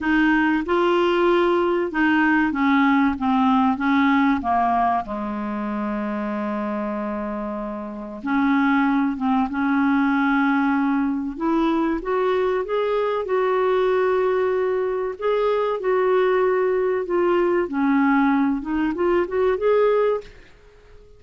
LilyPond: \new Staff \with { instrumentName = "clarinet" } { \time 4/4 \tempo 4 = 95 dis'4 f'2 dis'4 | cis'4 c'4 cis'4 ais4 | gis1~ | gis4 cis'4. c'8 cis'4~ |
cis'2 e'4 fis'4 | gis'4 fis'2. | gis'4 fis'2 f'4 | cis'4. dis'8 f'8 fis'8 gis'4 | }